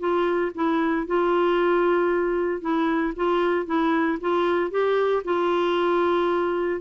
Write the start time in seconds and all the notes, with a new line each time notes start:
0.00 F4
0.55 E4
1.07 F4
2.62 E4
3.16 F4
3.66 E4
4.21 F4
4.71 G4
5.25 F4